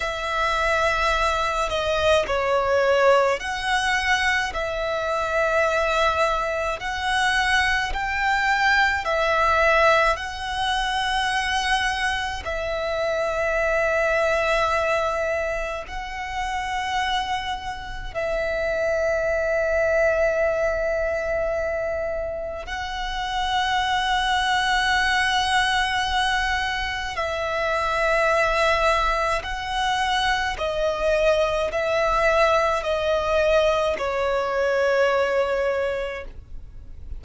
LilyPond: \new Staff \with { instrumentName = "violin" } { \time 4/4 \tempo 4 = 53 e''4. dis''8 cis''4 fis''4 | e''2 fis''4 g''4 | e''4 fis''2 e''4~ | e''2 fis''2 |
e''1 | fis''1 | e''2 fis''4 dis''4 | e''4 dis''4 cis''2 | }